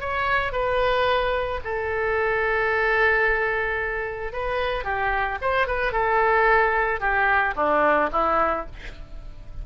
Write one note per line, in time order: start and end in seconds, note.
0.00 0.52 C#5
0.52 1.60 B4
1.64 4.32 A4
4.32 4.84 B4
4.84 5.38 G4
5.41 5.67 C5
5.67 5.92 B4
5.92 7.00 A4
7.00 7.54 G4
7.56 8.10 D4
8.12 8.66 E4